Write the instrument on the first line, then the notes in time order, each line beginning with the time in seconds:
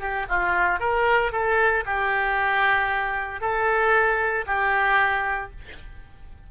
oboe
0.00 G4
0.29 F4
0.80 A#4
1.32 A4
1.86 G4
3.41 A4
4.46 G4